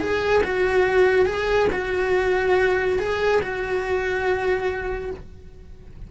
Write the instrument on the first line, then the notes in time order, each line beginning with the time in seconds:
cello
0.00 G#4
0.43 F#4
1.26 G#4
1.72 F#4
2.99 G#4
3.41 F#4